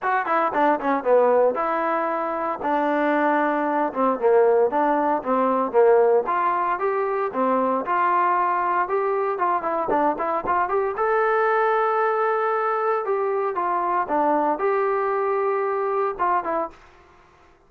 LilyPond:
\new Staff \with { instrumentName = "trombone" } { \time 4/4 \tempo 4 = 115 fis'8 e'8 d'8 cis'8 b4 e'4~ | e'4 d'2~ d'8 c'8 | ais4 d'4 c'4 ais4 | f'4 g'4 c'4 f'4~ |
f'4 g'4 f'8 e'8 d'8 e'8 | f'8 g'8 a'2.~ | a'4 g'4 f'4 d'4 | g'2. f'8 e'8 | }